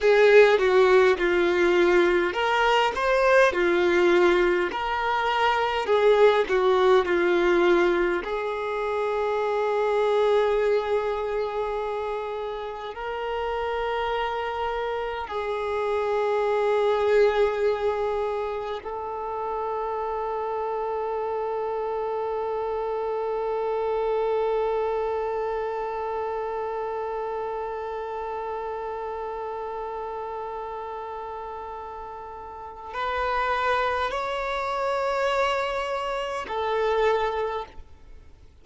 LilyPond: \new Staff \with { instrumentName = "violin" } { \time 4/4 \tempo 4 = 51 gis'8 fis'8 f'4 ais'8 c''8 f'4 | ais'4 gis'8 fis'8 f'4 gis'4~ | gis'2. ais'4~ | ais'4 gis'2. |
a'1~ | a'1~ | a'1 | b'4 cis''2 a'4 | }